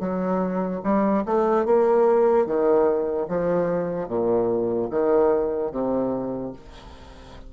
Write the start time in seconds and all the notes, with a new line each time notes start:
0.00 F#3
0.83 G3
1.25 A3
1.65 A#3
2.46 D#3
3.28 F3
4.08 A#2
4.90 D#3
5.71 C3